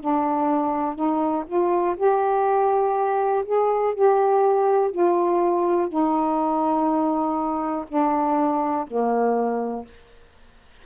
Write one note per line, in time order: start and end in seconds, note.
0.00 0.95 D4
0.95 1.44 D#4
1.46 1.95 F4
1.96 3.44 G4
3.45 3.94 G#4
3.94 4.91 G4
4.91 5.88 F4
5.88 7.85 D#4
7.88 8.86 D4
8.87 9.85 A#3